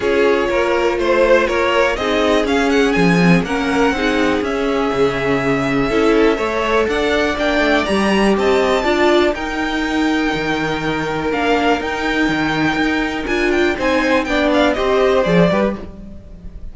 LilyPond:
<<
  \new Staff \with { instrumentName = "violin" } { \time 4/4 \tempo 4 = 122 cis''2 c''4 cis''4 | dis''4 f''8 fis''8 gis''4 fis''4~ | fis''4 e''2.~ | e''2 fis''4 g''4 |
ais''4 a''2 g''4~ | g''2. f''4 | g''2. gis''8 g''8 | gis''4 g''8 f''8 dis''4 d''4 | }
  \new Staff \with { instrumentName = "violin" } { \time 4/4 gis'4 ais'4 c''4 ais'4 | gis'2. ais'4 | gis'1 | a'4 cis''4 d''2~ |
d''4 dis''4 d''4 ais'4~ | ais'1~ | ais'1 | c''4 d''4 c''4. b'8 | }
  \new Staff \with { instrumentName = "viola" } { \time 4/4 f'1 | dis'4 cis'4. c'8 cis'4 | dis'4 cis'2. | e'4 a'2 d'4 |
g'2 f'4 dis'4~ | dis'2. d'4 | dis'2. f'4 | dis'4 d'4 g'4 gis'8 g'8 | }
  \new Staff \with { instrumentName = "cello" } { \time 4/4 cis'4 ais4 a4 ais4 | c'4 cis'4 f4 ais4 | c'4 cis'4 cis2 | cis'4 a4 d'4 ais8 a8 |
g4 c'4 d'4 dis'4~ | dis'4 dis2 ais4 | dis'4 dis4 dis'4 d'4 | c'4 b4 c'4 f8 g8 | }
>>